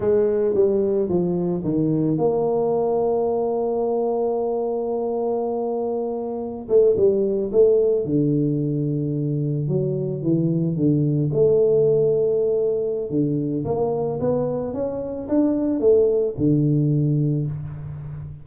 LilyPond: \new Staff \with { instrumentName = "tuba" } { \time 4/4 \tempo 4 = 110 gis4 g4 f4 dis4 | ais1~ | ais1~ | ais16 a8 g4 a4 d4~ d16~ |
d4.~ d16 fis4 e4 d16~ | d8. a2.~ a16 | d4 ais4 b4 cis'4 | d'4 a4 d2 | }